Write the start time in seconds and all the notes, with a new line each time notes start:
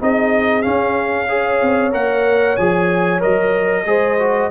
0.00 C4 D#4 G#4 D#5
0.63 C#4 F5
1.29 G#4 C#5
1.62 C4
1.92 A#3 A#4 F#5
2.57 F3 G#4 G#5
3.20 F#3 A#4 D#5
3.86 G#3 G#4 C5
4.19 F#4